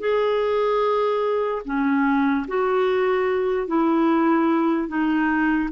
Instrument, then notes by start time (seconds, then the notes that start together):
clarinet
0.00 G#4
1.65 C#4
2.48 F#4
3.67 E4
4.88 D#4